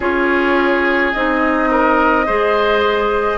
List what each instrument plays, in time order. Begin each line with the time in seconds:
0.00 bassoon C#4, clarinet F4, oboe G#4, flute C#5
1.12 bassoon C4, clarinet D#4, flute D#5
1.70 oboe A#4
2.26 bassoon G#3, clarinet G#4, oboe C5